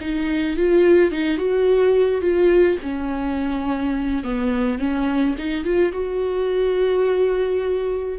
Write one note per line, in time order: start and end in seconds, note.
0.00 0.56 D#4
0.56 1.11 F4
1.11 1.37 D#4
1.37 2.21 F#4
2.21 2.77 F4
2.82 4.23 C#4
4.23 4.79 B3
4.79 5.35 C#4
5.37 5.64 D#4
5.64 5.92 F4
5.92 8.18 F#4